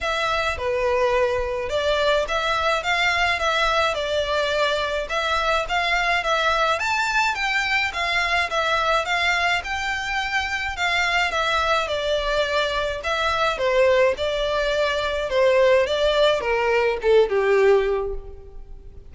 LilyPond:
\new Staff \with { instrumentName = "violin" } { \time 4/4 \tempo 4 = 106 e''4 b'2 d''4 | e''4 f''4 e''4 d''4~ | d''4 e''4 f''4 e''4 | a''4 g''4 f''4 e''4 |
f''4 g''2 f''4 | e''4 d''2 e''4 | c''4 d''2 c''4 | d''4 ais'4 a'8 g'4. | }